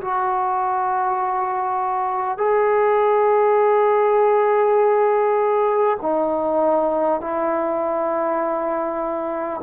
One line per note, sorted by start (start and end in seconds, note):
0.00 2.37 F#4
2.37 5.97 G#4
6.01 7.21 D#4
7.21 9.61 E4